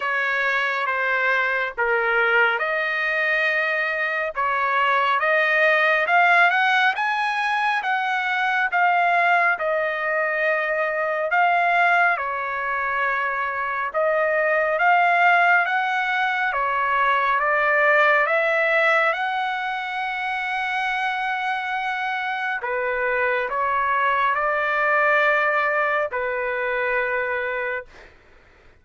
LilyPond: \new Staff \with { instrumentName = "trumpet" } { \time 4/4 \tempo 4 = 69 cis''4 c''4 ais'4 dis''4~ | dis''4 cis''4 dis''4 f''8 fis''8 | gis''4 fis''4 f''4 dis''4~ | dis''4 f''4 cis''2 |
dis''4 f''4 fis''4 cis''4 | d''4 e''4 fis''2~ | fis''2 b'4 cis''4 | d''2 b'2 | }